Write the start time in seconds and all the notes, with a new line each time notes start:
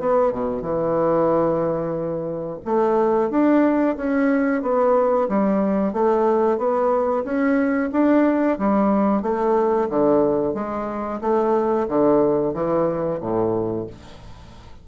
0.00 B3
0.32 B2
0.62 E3
2.65 A3
3.31 D4
3.97 C#4
4.62 B3
5.29 G3
5.93 A3
6.58 B3
7.24 C#4
7.92 D4
8.59 G3
9.22 A3
9.90 D3
10.54 G#3
11.21 A3
11.89 D3
12.54 E3
13.21 A2